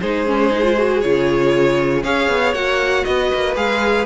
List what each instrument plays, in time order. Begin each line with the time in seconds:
0.00 cello G#3, viola D#4, violin G#4 C5
0.26 viola C#4
0.50 viola D#4
0.62 viola F4
0.78 viola F#4
1.01 cello C#3, viola F4, violin C#5
2.03 cello C#4, viola G#4, violin C#5 F5
2.28 cello B3
2.52 cello A#3, viola F#4, violin F#5
3.04 cello B3, violin B4 D#5
3.34 cello A#3
3.55 cello G#3, viola G#4, violin F5